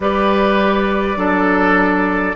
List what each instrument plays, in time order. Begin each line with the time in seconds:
0.00 bassoon G3, clarinet G4, oboe B4, flute D5
1.16 bassoon F#3, clarinet D4, oboe A4